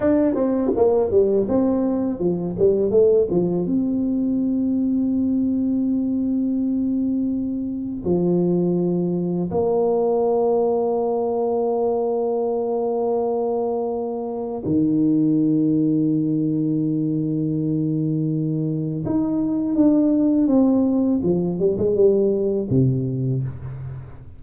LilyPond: \new Staff \with { instrumentName = "tuba" } { \time 4/4 \tempo 4 = 82 d'8 c'8 ais8 g8 c'4 f8 g8 | a8 f8 c'2.~ | c'2. f4~ | f4 ais2.~ |
ais1 | dis1~ | dis2 dis'4 d'4 | c'4 f8 g16 gis16 g4 c4 | }